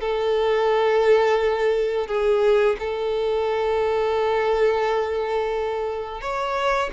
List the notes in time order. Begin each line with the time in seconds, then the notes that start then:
0.00 A4
2.07 G#4
2.79 A4
6.21 C#5